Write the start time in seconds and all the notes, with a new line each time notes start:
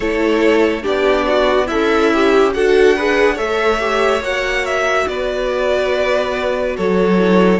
0.00 A3 E4 A4 C#5
0.82 B3 D4 G4 D5
1.27 F#4
1.66 C#4 E4 A4 E5
2.13 G4
2.53 D4 F#4 A4 F#5
2.96 G#4 B4
3.34 A3 A4 C#5 E5
3.79 G4
4.21 A#3 F#4 F#5
4.65 E5
5.07 B3 B4 D5
6.76 F#3 A4 C#5
7.18 E4